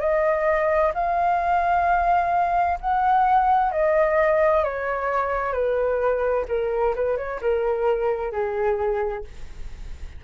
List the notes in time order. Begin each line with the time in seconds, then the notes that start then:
0.00 D#5
0.94 F5
2.81 F#5
3.72 D#5
4.64 C#5
5.53 B4
6.49 A#4
6.96 B4
7.17 C#5
7.42 A#4
8.32 G#4